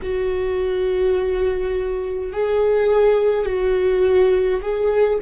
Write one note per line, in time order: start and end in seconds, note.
0.02 2.32 F#4
2.32 3.45 G#4
3.45 4.60 F#4
4.61 5.19 G#4